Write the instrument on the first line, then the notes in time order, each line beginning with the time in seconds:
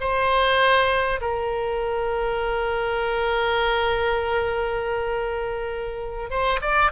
oboe
0.00 C5
1.21 A#4
6.30 C5
6.61 D5